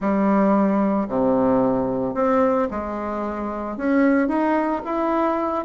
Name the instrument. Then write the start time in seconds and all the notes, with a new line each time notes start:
bassoon
0.00 G3
1.08 C3
2.14 C4
2.71 G#3
3.77 C#4
4.28 D#4
4.84 E4